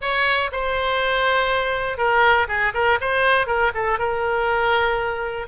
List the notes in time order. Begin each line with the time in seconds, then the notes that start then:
0.01 C#5
0.52 C5
1.97 A#4
2.47 G#4
2.74 A#4
3.00 C5
3.46 A#4
3.74 A4
3.98 A#4